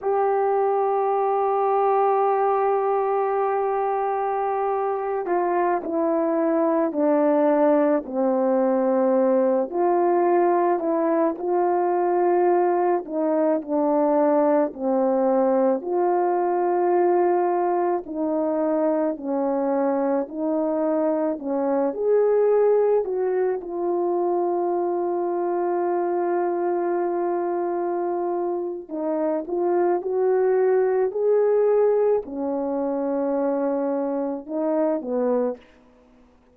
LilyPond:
\new Staff \with { instrumentName = "horn" } { \time 4/4 \tempo 4 = 54 g'1~ | g'8. f'8 e'4 d'4 c'8.~ | c'8. f'4 e'8 f'4. dis'16~ | dis'16 d'4 c'4 f'4.~ f'16~ |
f'16 dis'4 cis'4 dis'4 cis'8 gis'16~ | gis'8. fis'8 f'2~ f'8.~ | f'2 dis'8 f'8 fis'4 | gis'4 cis'2 dis'8 b8 | }